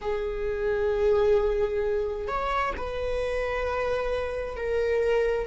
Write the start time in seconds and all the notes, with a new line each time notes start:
0.01 G#4
2.27 C#5
2.76 B4
4.56 A#4